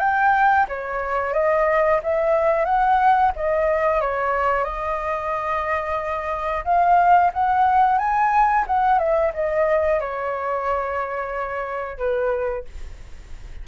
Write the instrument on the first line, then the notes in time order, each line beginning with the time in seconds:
flute
0.00 G5
0.69 C#5
1.34 D#5
2.03 E5
2.66 F#5
3.36 D#5
4.02 C#5
4.65 D#5
6.65 F5
7.34 F#5
7.99 G#5
8.67 F#5
8.99 E5
9.35 D#5
10.01 C#5
11.98 B4